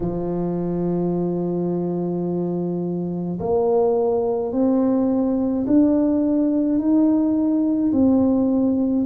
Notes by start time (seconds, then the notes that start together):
0.00 F3
3.40 A#3
4.52 C4
5.67 D4
6.79 D#4
7.92 C4